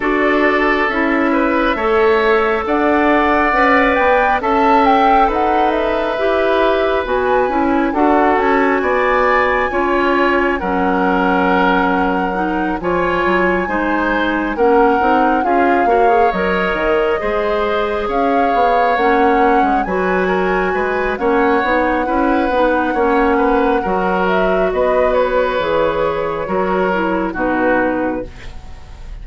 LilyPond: <<
  \new Staff \with { instrumentName = "flute" } { \time 4/4 \tempo 4 = 68 d''4 e''2 fis''4~ | fis''8 g''8 a''8 g''8 fis''8 e''4. | gis''4 fis''8 gis''2~ gis''8 | fis''2~ fis''8 gis''4.~ |
gis''8 fis''4 f''4 dis''4.~ | dis''8 f''4 fis''4 gis''4. | fis''2.~ fis''8 e''8 | dis''8 cis''2~ cis''8 b'4 | }
  \new Staff \with { instrumentName = "oboe" } { \time 4/4 a'4. b'8 cis''4 d''4~ | d''4 e''4 b'2~ | b'4 a'4 d''4 cis''4 | ais'2~ ais'8 cis''4 c''8~ |
c''8 ais'4 gis'8 cis''4. c''8~ | c''8 cis''2 b'8 ais'8 b'8 | cis''4 b'4 cis''8 b'8 ais'4 | b'2 ais'4 fis'4 | }
  \new Staff \with { instrumentName = "clarinet" } { \time 4/4 fis'4 e'4 a'2 | b'4 a'2 g'4 | fis'8 e'8 fis'2 f'4 | cis'2 dis'8 f'4 dis'8~ |
dis'8 cis'8 dis'8 f'8 fis'16 gis'16 ais'4 gis'8~ | gis'4. cis'4 fis'4. | cis'8 dis'8 e'8 dis'8 cis'4 fis'4~ | fis'4 gis'4 fis'8 e'8 dis'4 | }
  \new Staff \with { instrumentName = "bassoon" } { \time 4/4 d'4 cis'4 a4 d'4 | cis'8 b8 cis'4 dis'4 e'4 | b8 cis'8 d'8 cis'8 b4 cis'4 | fis2~ fis8 f8 fis8 gis8~ |
gis8 ais8 c'8 cis'8 ais8 fis8 dis8 gis8~ | gis8 cis'8 b8 ais8. gis16 fis4 gis8 | ais8 b8 cis'8 b8 ais4 fis4 | b4 e4 fis4 b,4 | }
>>